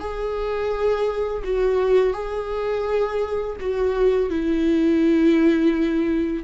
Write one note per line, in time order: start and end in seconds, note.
0.00 1.43 G#4
1.44 2.14 F#4
2.14 3.57 G#4
3.60 4.30 F#4
4.30 6.44 E4